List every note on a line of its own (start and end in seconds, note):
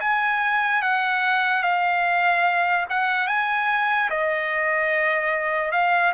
0.00 0.82 G#5
0.82 1.63 F#5
1.63 2.86 F5
2.90 3.27 F#5
3.27 4.09 G#5
4.10 5.72 D#5
5.72 6.13 F5